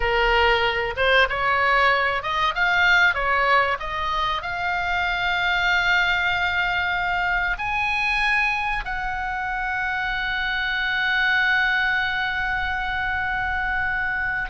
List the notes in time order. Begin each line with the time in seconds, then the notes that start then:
0.00 A#4
0.96 C5
1.29 C#5
2.22 D#5
2.54 F5
3.14 C#5
3.79 D#5
4.42 F5
7.58 G#5
8.84 F#5